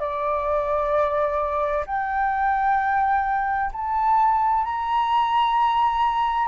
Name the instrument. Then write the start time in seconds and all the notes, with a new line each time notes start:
flute
0.00 D5
1.86 G5
3.73 A5
4.64 A#5